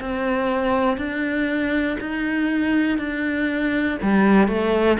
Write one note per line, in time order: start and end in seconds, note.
0.00 0.97 C4
0.97 1.97 D4
2.00 2.98 D#4
2.98 3.98 D4
4.02 4.47 G3
4.47 4.97 A3